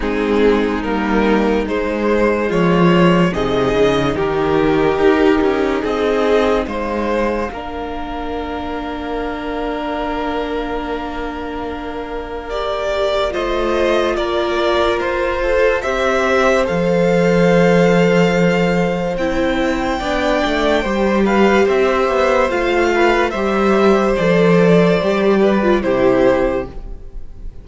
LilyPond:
<<
  \new Staff \with { instrumentName = "violin" } { \time 4/4 \tempo 4 = 72 gis'4 ais'4 c''4 cis''4 | dis''4 ais'2 dis''4 | f''1~ | f''2. d''4 |
dis''4 d''4 c''4 e''4 | f''2. g''4~ | g''4. f''8 e''4 f''4 | e''4 d''2 c''4 | }
  \new Staff \with { instrumentName = "violin" } { \time 4/4 dis'2. f'4 | gis'4 g'2 gis'4 | c''4 ais'2.~ | ais'1 |
c''4 ais'4. a'8 c''4~ | c''1 | d''4 c''8 b'8 c''4. b'8 | c''2~ c''8 b'8 g'4 | }
  \new Staff \with { instrumentName = "viola" } { \time 4/4 c'4 ais4 gis2 | dis'1~ | dis'4 d'2.~ | d'2. g'4 |
f'2. g'4 | a'2. e'4 | d'4 g'2 f'4 | g'4 a'4 g'8. f'16 e'4 | }
  \new Staff \with { instrumentName = "cello" } { \time 4/4 gis4 g4 gis4 f4 | c8 cis8 dis4 dis'8 cis'8 c'4 | gis4 ais2.~ | ais1 |
a4 ais4 f'4 c'4 | f2. c'4 | b8 a8 g4 c'8 b8 a4 | g4 f4 g4 c4 | }
>>